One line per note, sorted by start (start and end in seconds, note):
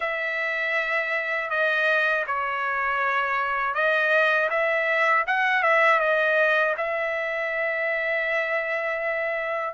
0.00 1.50 E5
1.50 2.25 D#5
2.27 3.74 C#5
3.74 4.49 D#5
4.50 5.25 E5
5.26 5.62 F#5
5.62 5.99 E5
5.99 6.74 D#5
6.77 9.73 E5